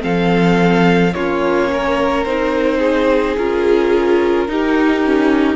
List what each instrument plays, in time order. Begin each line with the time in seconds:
0.00 cello F3, viola C4, violin A4 F5
1.13 cello A#3, viola C#4, violin F4 C#5
1.71 violin A#4
2.24 cello C4, viola D#4, violin C5
2.78 violin G#4
3.37 cello C#4, viola F4, violin A#4
4.48 viola D#4, cello D#4, violin G4
5.04 viola C#4